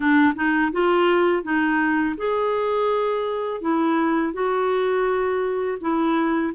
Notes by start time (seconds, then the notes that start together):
0.00 D4
0.35 D#4
0.72 F4
1.43 D#4
2.17 G#4
3.61 E4
4.33 F#4
5.80 E4